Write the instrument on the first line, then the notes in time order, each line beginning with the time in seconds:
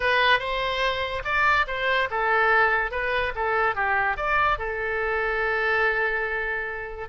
oboe
0.00 B4
0.39 C5
1.24 D5
1.67 C5
2.10 A4
2.91 B4
3.35 A4
3.75 G4
4.17 D5
4.58 A4